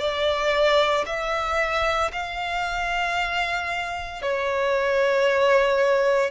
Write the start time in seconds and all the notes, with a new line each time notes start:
0.00 D5
1.06 E5
2.12 F5
4.22 C#5